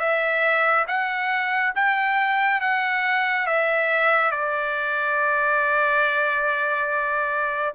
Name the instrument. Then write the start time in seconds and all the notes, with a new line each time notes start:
trumpet
0.00 E5
0.88 F#5
1.76 G5
2.61 F#5
3.46 E5
4.31 D5